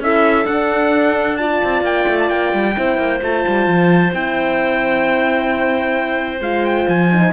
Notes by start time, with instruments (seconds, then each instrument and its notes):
0.00 cello C#4, horn E4, clarinet A4, trumpet E5
0.44 horn D4, cello D4, trumpet F#5
1.37 horn F4, clarinet D5, trumpet A5
1.64 cello C4
1.82 cello A#3, trumpet G5
2.08 cello A3
2.20 trumpet A5
2.30 cello A#3, trumpet G5
2.54 cello G3
2.75 cello C4, horn E4, clarinet C5
2.98 cello A#3
3.22 cello A3, horn F4, trumpet A5
3.48 cello G3
3.67 cello F3
4.13 cello C4, horn E4, trumpet G5
6.41 cello G#3, horn F4, trumpet F5
6.65 trumpet G5
6.89 cello F3, trumpet G#5
7.12 horn D#4